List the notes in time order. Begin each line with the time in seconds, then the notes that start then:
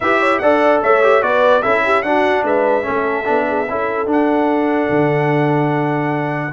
0.00 E4 G4 B4 E5
0.19 C#5
0.38 D4 A4 D5 F#5
0.82 A3 C#5 E5
1.03 G4
1.21 B3 F#4 B4 D5
1.62 C#4 E4 A4 E5
1.84 G4
2.02 D4 F#4 F#5
2.43 G#3 B4 E5
2.83 A3 C#4 A4
3.25 B3 D4
3.47 G#4
3.68 C#4 E4 A4
4.06 D4 F#5
4.89 D3